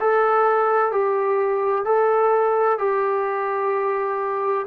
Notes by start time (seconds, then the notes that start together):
0.00 A4
0.92 G4
1.85 A4
2.79 G4